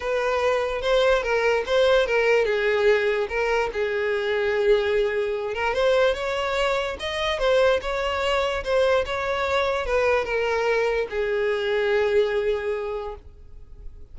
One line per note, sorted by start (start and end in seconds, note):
0.00 0.81 B4
0.81 1.22 C5
1.22 1.63 A#4
1.66 2.06 C5
2.06 2.45 A#4
2.45 3.27 G#4
3.29 3.70 A#4
3.72 5.54 G#4
5.54 5.73 A#4
5.73 6.14 C5
6.14 6.96 C#5
6.99 7.38 D#5
7.38 7.80 C5
7.81 8.63 C#5
8.63 9.04 C5
9.05 9.85 C#5
9.85 10.24 B4
10.24 11.07 A#4
11.09 13.15 G#4